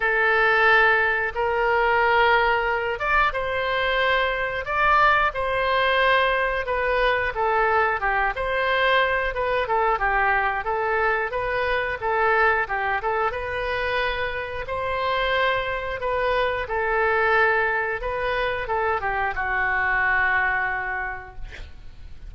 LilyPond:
\new Staff \with { instrumentName = "oboe" } { \time 4/4 \tempo 4 = 90 a'2 ais'2~ | ais'8 d''8 c''2 d''4 | c''2 b'4 a'4 | g'8 c''4. b'8 a'8 g'4 |
a'4 b'4 a'4 g'8 a'8 | b'2 c''2 | b'4 a'2 b'4 | a'8 g'8 fis'2. | }